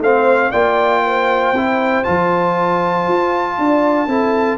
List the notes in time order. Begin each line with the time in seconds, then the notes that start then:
0.00 A3 C4 C5 F5
0.51 A#3 F4 D5 G5
1.03 C5
1.53 C4 E4
2.04 F3 F4 A5
3.08 F4
3.58 D4 D5
4.07 C4 E4 A4